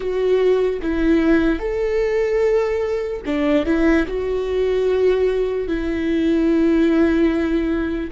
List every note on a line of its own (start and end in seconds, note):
0.00 0.80 F#4
0.81 1.59 E4
1.59 3.21 A4
3.25 3.65 D4
3.65 4.05 E4
4.07 5.67 F#4
5.67 8.10 E4